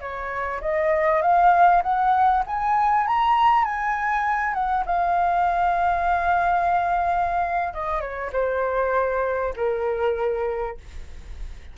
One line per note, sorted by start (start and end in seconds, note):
0.00 0.61 C#5
0.61 1.22 D#5
1.22 1.82 F5
1.83 2.43 F#5
2.47 3.07 G#5
3.07 3.65 A#5
3.65 4.54 G#5
4.54 4.84 F#5
4.86 7.74 F5
7.74 8.01 D#5
8.01 8.31 C#5
8.33 9.54 C5
9.56 10.77 A#4